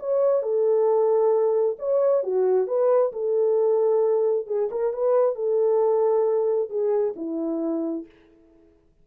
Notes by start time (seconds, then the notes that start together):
0.00 C#5
0.43 A4
1.79 C#5
2.23 F#4
2.67 B4
3.13 A4
4.47 G#4
4.72 A#4
4.94 B4
5.36 A4
6.70 G#4
7.16 E4